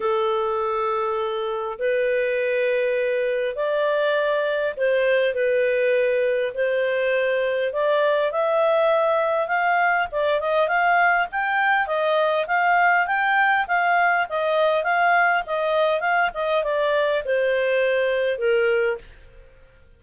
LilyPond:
\new Staff \with { instrumentName = "clarinet" } { \time 4/4 \tempo 4 = 101 a'2. b'4~ | b'2 d''2 | c''4 b'2 c''4~ | c''4 d''4 e''2 |
f''4 d''8 dis''8 f''4 g''4 | dis''4 f''4 g''4 f''4 | dis''4 f''4 dis''4 f''8 dis''8 | d''4 c''2 ais'4 | }